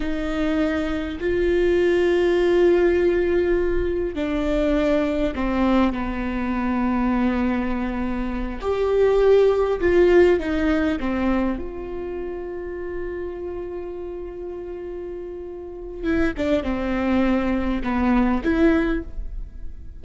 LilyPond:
\new Staff \with { instrumentName = "viola" } { \time 4/4 \tempo 4 = 101 dis'2 f'2~ | f'2. d'4~ | d'4 c'4 b2~ | b2~ b8 g'4.~ |
g'8 f'4 dis'4 c'4 f'8~ | f'1~ | f'2. e'8 d'8 | c'2 b4 e'4 | }